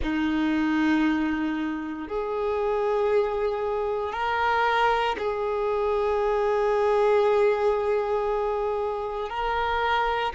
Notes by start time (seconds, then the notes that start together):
0.02 D#4
2.07 G#4
4.12 A#4
5.18 G#4
9.29 A#4